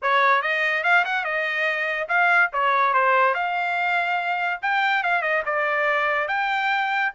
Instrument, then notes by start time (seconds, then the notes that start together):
trumpet
0.02 C#5
0.42 D#5
0.83 F5
1.05 F#5
1.24 D#5
2.08 F5
2.53 C#5
2.93 C5
3.34 F5
4.62 G5
5.03 F5
5.21 D#5
5.45 D5
6.28 G5